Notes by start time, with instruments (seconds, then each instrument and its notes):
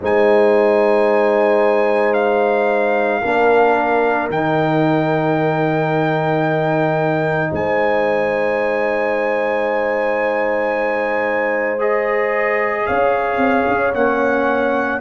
0.00 tuba G#3, trombone D#4, horn C5, trumpet G#5
2.13 trumpet F5
3.21 tuba A#3, trombone D4, horn A#4
4.29 tuba D#3, trombone D#4, trumpet G5
7.50 tuba G#3, horn C5, trumpet G#5
11.79 trombone G#4, trumpet D#5
12.86 tuba C#4, horn C#5, trumpet F5
13.36 tuba C4
13.67 tuba C#4
13.94 tuba A#3, trombone C#4, trumpet F#5